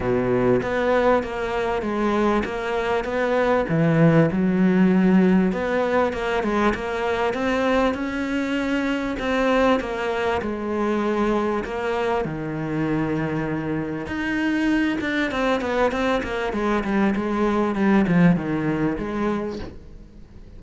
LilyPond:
\new Staff \with { instrumentName = "cello" } { \time 4/4 \tempo 4 = 98 b,4 b4 ais4 gis4 | ais4 b4 e4 fis4~ | fis4 b4 ais8 gis8 ais4 | c'4 cis'2 c'4 |
ais4 gis2 ais4 | dis2. dis'4~ | dis'8 d'8 c'8 b8 c'8 ais8 gis8 g8 | gis4 g8 f8 dis4 gis4 | }